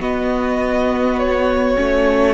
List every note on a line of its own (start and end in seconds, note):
0.00 1.76 B3
0.00 1.77 B3
0.00 2.34 F#4
0.00 1.19 D#5
1.19 2.34 C#5
1.76 2.34 A3
1.76 2.34 C#4